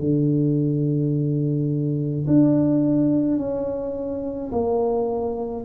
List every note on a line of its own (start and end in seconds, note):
0.00 2.26 D3
2.27 3.38 D4
3.38 4.51 C#4
4.52 5.66 A#3